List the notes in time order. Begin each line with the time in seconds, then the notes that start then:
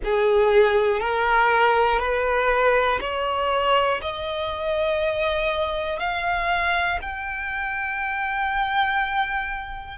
0.04 G#4
1.00 A#4
1.99 B4
3.00 C#5
4.01 D#5
5.99 F5
7.01 G5